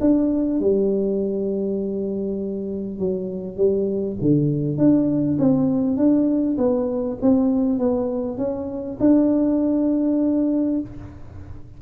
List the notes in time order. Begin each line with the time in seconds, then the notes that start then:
0.00 D4
0.60 G3
2.98 F#3
3.56 G3
4.21 D3
4.78 D4
5.38 C4
5.96 D4
6.57 B3
7.21 C4
7.79 B3
8.37 C#4
9.00 D4